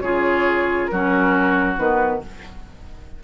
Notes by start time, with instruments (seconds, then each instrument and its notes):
0.00 bassoon C#3, clarinet F4, oboe G#4, flute C#5
0.86 bassoon F#3, clarinet C#4, oboe F#4, flute A#4
1.77 bassoon D#3, clarinet B3, flute B4